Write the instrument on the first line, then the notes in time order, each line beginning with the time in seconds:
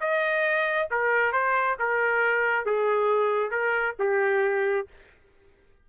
trumpet
0.00 D#5
0.90 A#4
1.32 C5
1.79 A#4
2.66 G#4
3.50 A#4
3.99 G4